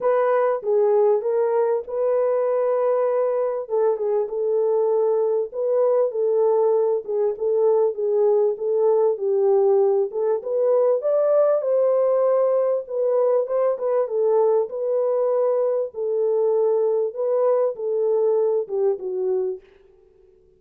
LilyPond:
\new Staff \with { instrumentName = "horn" } { \time 4/4 \tempo 4 = 98 b'4 gis'4 ais'4 b'4~ | b'2 a'8 gis'8 a'4~ | a'4 b'4 a'4. gis'8 | a'4 gis'4 a'4 g'4~ |
g'8 a'8 b'4 d''4 c''4~ | c''4 b'4 c''8 b'8 a'4 | b'2 a'2 | b'4 a'4. g'8 fis'4 | }